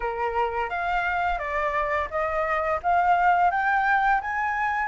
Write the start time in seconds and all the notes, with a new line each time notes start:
0.00 A#4
0.69 F5
1.38 D5
2.10 D#5
2.82 F5
3.50 G5
4.21 G#5